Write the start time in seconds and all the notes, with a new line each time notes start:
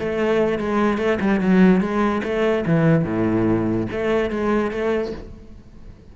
0.00 A3
0.59 G#3
0.98 A3
1.21 G3
1.41 F#3
1.81 G#3
2.24 A3
2.66 E3
3.05 A2
3.92 A3
4.31 G#3
4.71 A3